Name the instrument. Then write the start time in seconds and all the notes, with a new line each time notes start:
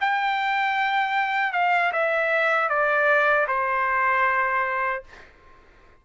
trumpet
0.00 G5
1.53 F5
1.92 E5
2.69 D5
3.47 C5